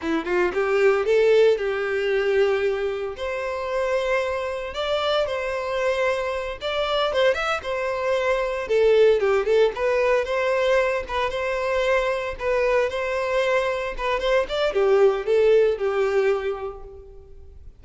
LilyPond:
\new Staff \with { instrumentName = "violin" } { \time 4/4 \tempo 4 = 114 e'8 f'8 g'4 a'4 g'4~ | g'2 c''2~ | c''4 d''4 c''2~ | c''8 d''4 c''8 e''8 c''4.~ |
c''8 a'4 g'8 a'8 b'4 c''8~ | c''4 b'8 c''2 b'8~ | b'8 c''2 b'8 c''8 d''8 | g'4 a'4 g'2 | }